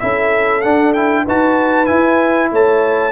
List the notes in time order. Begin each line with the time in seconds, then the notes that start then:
0.00 C#4 E4 A4 E5
0.62 D4 F#5
0.94 E4 G5
1.24 D#4 F#4 B4 A5
1.86 E4 G#5
2.52 A3 C#5 A5